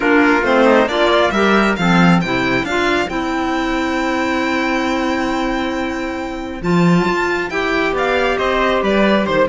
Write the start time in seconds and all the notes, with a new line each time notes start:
0.00 A#3 D4 F4 A#4
0.42 A3 C4 C5
0.65 D#4
0.85 A#3 D4 F4 D5
1.11 F4
1.30 G3 G4 A#4 E5
1.75 F3 C4 A4 F5
2.20 C3 E4 C5 G5
2.62 D4 F4 F5
3.08 C4 E4 G5
6.61 F3 F4 A5
7.05 F4
7.49 E4 G4 G5
7.92 B3 D5 F5
8.37 C4 C5 D#5
8.82 G3 B4 D5
9.26 D#3 C5